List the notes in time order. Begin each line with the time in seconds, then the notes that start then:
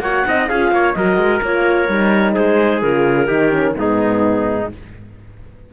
0.00 A#3 F#4 C#5 F#5
0.26 C4 D#4 D#5
0.48 C#4 F4 G#4 F5
0.71 A#3 C#5
0.93 F#3 F#4 A#4 D#5
1.17 G#3
1.42 A#3 F4 C#5
1.89 G3 D#4
2.34 G#3 G#4 C5
2.82 C#3 F4 A#4
3.26 D#3 D#4 G4
3.51 C#4
3.75 G#2 B3 D#4 G#4